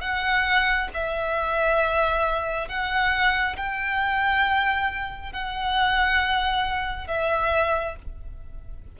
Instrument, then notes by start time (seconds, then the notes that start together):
violin
0.00 F#5
0.93 E5
2.68 F#5
3.56 G5
5.32 F#5
7.07 E5